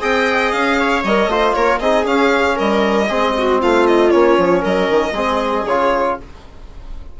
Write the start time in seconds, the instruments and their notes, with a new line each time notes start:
0.00 bassoon C4, trombone G#4, viola D#5, violin G5
0.51 bassoon C#4, violin F5
0.79 viola C#5
1.03 bassoon G3, trombone A#4, violin D#5
1.27 bassoon A3, trombone F4, viola C5
1.53 bassoon A#3, viola A#4, violin C#5
1.79 bassoon C4, trombone D#4, viola G#4, violin D#5
2.04 trombone C#4, bassoon C#4, violin F5
2.55 bassoon G3, viola A#4, violin D#5
3.08 bassoon G#3, trombone C4, viola G#4
3.38 viola F#4
3.60 bassoon A3, viola F4, violin F5
3.86 violin D#5
4.10 bassoon A#3, trombone C#4, violin C#5
4.37 bassoon F3
4.60 bassoon F#3, viola A#4, violin D#5
4.90 bassoon D#3
5.11 bassoon G#3, trombone C4, viola G#4
5.65 bassoon C#3, trombone F4, violin C#5